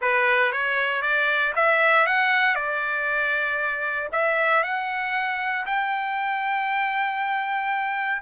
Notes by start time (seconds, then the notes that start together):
0.01 B4
0.52 C#5
1.02 D5
1.55 E5
2.06 F#5
2.55 D5
4.12 E5
4.63 F#5
5.65 G5